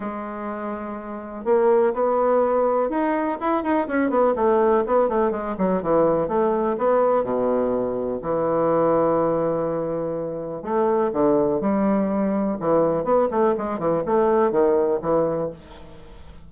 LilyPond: \new Staff \with { instrumentName = "bassoon" } { \time 4/4 \tempo 4 = 124 gis2. ais4 | b2 dis'4 e'8 dis'8 | cis'8 b8 a4 b8 a8 gis8 fis8 | e4 a4 b4 b,4~ |
b,4 e2.~ | e2 a4 d4 | g2 e4 b8 a8 | gis8 e8 a4 dis4 e4 | }